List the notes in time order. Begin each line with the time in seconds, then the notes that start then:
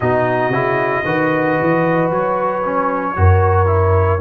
0.00 B2 D#4 F#4 D#5
0.49 C#3 E4
1.05 D#3 F#4 B4
1.61 E3
2.10 F#3 C#5
2.64 C#4
3.16 F#2 F#4 A#4
3.66 E4